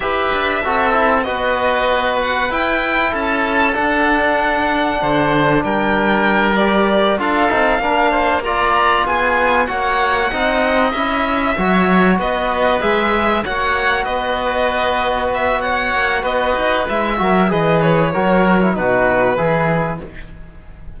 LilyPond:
<<
  \new Staff \with { instrumentName = "violin" } { \time 4/4 \tempo 4 = 96 e''2 dis''4. fis''8 | g''4 a''4 fis''2~ | fis''4 g''4. d''4 f''8~ | f''4. ais''4 gis''4 fis''8~ |
fis''4. e''2 dis''8~ | dis''8 e''4 fis''4 dis''4.~ | dis''8 e''8 fis''4 dis''4 e''4 | dis''8 cis''4. b'2 | }
  \new Staff \with { instrumentName = "oboe" } { \time 4/4 b'4 a'4 b'2~ | b'4 a'2. | c''4 ais'2~ ais'8 a'8~ | a'8 ais'8 c''8 d''4 gis'4 cis''8~ |
cis''8 dis''2 cis''4 b'8~ | b'4. cis''4 b'4.~ | b'4 cis''4 b'4. ais'8 | b'4 ais'4 fis'4 gis'4 | }
  \new Staff \with { instrumentName = "trombone" } { \time 4/4 g'4 fis'8 e'8 fis'2 | e'2 d'2~ | d'2~ d'8 g'4 f'8 | dis'8 d'4 f'2 fis'8~ |
fis'8 dis'4 e'4 fis'4.~ | fis'8 gis'4 fis'2~ fis'8~ | fis'2. e'8 fis'8 | gis'4 fis'8. e'16 dis'4 e'4 | }
  \new Staff \with { instrumentName = "cello" } { \time 4/4 e'8 d'8 c'4 b2 | e'4 cis'4 d'2 | d4 g2~ g8 d'8 | c'8 ais2 b4 ais8~ |
ais8 c'4 cis'4 fis4 b8~ | b8 gis4 ais4 b4.~ | b4. ais8 b8 dis'8 gis8 fis8 | e4 fis4 b,4 e4 | }
>>